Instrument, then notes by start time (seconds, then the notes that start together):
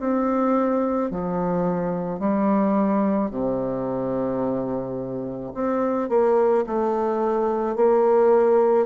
bassoon
0.00 C4
1.11 F3
2.20 G3
3.31 C3
5.55 C4
6.09 A#3
6.67 A3
7.76 A#3